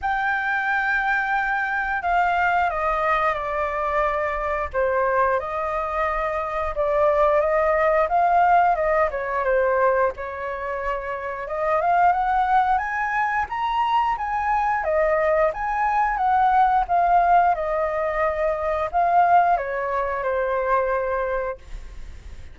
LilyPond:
\new Staff \with { instrumentName = "flute" } { \time 4/4 \tempo 4 = 89 g''2. f''4 | dis''4 d''2 c''4 | dis''2 d''4 dis''4 | f''4 dis''8 cis''8 c''4 cis''4~ |
cis''4 dis''8 f''8 fis''4 gis''4 | ais''4 gis''4 dis''4 gis''4 | fis''4 f''4 dis''2 | f''4 cis''4 c''2 | }